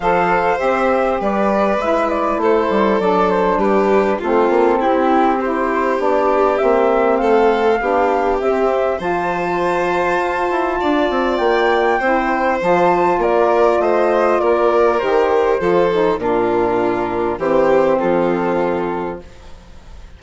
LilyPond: <<
  \new Staff \with { instrumentName = "flute" } { \time 4/4 \tempo 4 = 100 f''4 e''4 d''4 e''8 d''8 | c''4 d''8 c''8 b'4 a'4 | g'4 c''4 d''4 e''4 | f''2 e''4 a''4~ |
a''2. g''4~ | g''4 a''4 d''4 dis''4 | d''4 c''2 ais'4~ | ais'4 c''4 a'2 | }
  \new Staff \with { instrumentName = "violin" } { \time 4/4 c''2 b'2 | a'2 g'4 f'4 | e'4 g'2. | a'4 g'2 c''4~ |
c''2 d''2 | c''2 ais'4 c''4 | ais'2 a'4 f'4~ | f'4 g'4 f'2 | }
  \new Staff \with { instrumentName = "saxophone" } { \time 4/4 a'4 g'2 e'4~ | e'4 d'2 c'4~ | c'4 e'4 d'4 c'4~ | c'4 d'4 c'4 f'4~ |
f'1 | e'4 f'2.~ | f'4 g'4 f'8 dis'8 d'4~ | d'4 c'2. | }
  \new Staff \with { instrumentName = "bassoon" } { \time 4/4 f4 c'4 g4 gis4 | a8 g8 fis4 g4 a8 ais8 | c'2 b4 ais4 | a4 b4 c'4 f4~ |
f4 f'8 e'8 d'8 c'8 ais4 | c'4 f4 ais4 a4 | ais4 dis4 f4 ais,4~ | ais,4 e4 f2 | }
>>